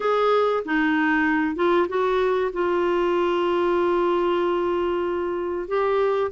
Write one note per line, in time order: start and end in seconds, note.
0.00 0.63 G#4
0.65 1.55 D#4
1.55 1.87 F4
1.88 2.51 F#4
2.53 5.68 F4
5.68 6.31 G4